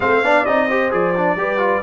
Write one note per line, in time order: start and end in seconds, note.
0.00 0.22 A3
0.00 0.23 C4
0.00 0.24 C5
0.00 0.45 F5
0.23 0.45 B3
0.23 0.46 D4
0.23 0.68 D5
0.45 0.92 C4
0.45 0.69 D#4
0.45 0.91 D#5
0.68 0.91 G4
0.68 1.37 C5
0.91 1.35 F3
0.91 1.13 G#4
0.91 1.82 D5
1.16 1.37 D4
1.35 1.81 G3
1.35 1.58 G4
1.35 1.82 B4
1.58 1.81 F4